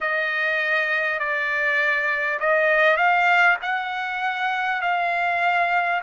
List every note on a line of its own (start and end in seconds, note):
0.01 1.19 D#5
1.19 2.39 D5
2.39 2.97 D#5
2.97 3.57 F5
3.62 4.81 F#5
4.81 6.01 F5